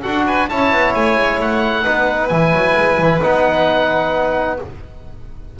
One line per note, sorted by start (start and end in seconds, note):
0.00 0.51 D4
0.00 0.49 F#4
0.00 0.23 A4
0.00 0.25 F#5
0.26 0.49 B4
0.26 0.48 G#5
0.48 0.70 C#4
0.48 1.84 E4
0.48 1.83 C#5
0.48 0.94 A5
0.70 0.93 B3
0.94 1.16 A3
0.94 1.39 G#5
1.16 1.39 G#3
1.39 1.85 A3
1.39 2.28 F#5
1.83 2.30 B3
1.83 2.30 D#4
1.83 4.56 B4
2.28 2.52 E3
2.28 3.20 E4
2.28 3.19 G#5
2.52 2.75 F#3
2.78 2.97 G#3
2.97 3.20 E3
3.22 4.59 B3
3.22 4.58 D#4
3.22 4.59 F#5